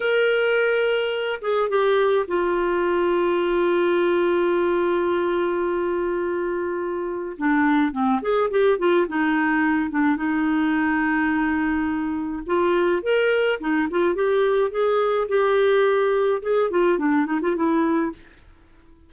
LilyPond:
\new Staff \with { instrumentName = "clarinet" } { \time 4/4 \tempo 4 = 106 ais'2~ ais'8 gis'8 g'4 | f'1~ | f'1~ | f'4 d'4 c'8 gis'8 g'8 f'8 |
dis'4. d'8 dis'2~ | dis'2 f'4 ais'4 | dis'8 f'8 g'4 gis'4 g'4~ | g'4 gis'8 f'8 d'8 dis'16 f'16 e'4 | }